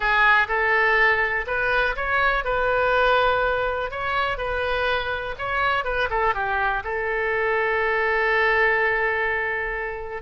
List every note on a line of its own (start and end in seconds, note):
0.00 0.47 G#4
0.47 1.45 A4
1.47 1.95 B4
1.96 2.44 C#5
2.44 3.90 B4
3.90 4.37 C#5
4.37 5.35 B4
5.38 5.84 C#5
5.84 6.08 B4
6.10 6.34 A4
6.34 6.83 G4
6.84 10.22 A4